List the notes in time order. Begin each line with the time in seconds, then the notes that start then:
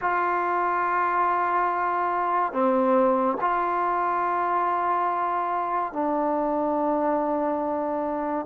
0.01 F4
2.52 C4
3.40 F4
5.92 D4